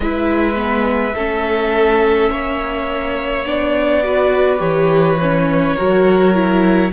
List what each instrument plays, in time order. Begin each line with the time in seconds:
0.00 cello G#3, viola E4, violin B4 E5
0.55 viola B3
1.15 cello A3, viola C#4, violin A4
2.30 cello A#3, violin C#5
3.45 cello B3, viola D4, violin D5
4.03 viola F#4, violin B4
4.58 cello E3, viola G4, violin C#5
5.21 viola C#4
5.75 cello F#3, viola F#4, violin A#4
6.34 viola E4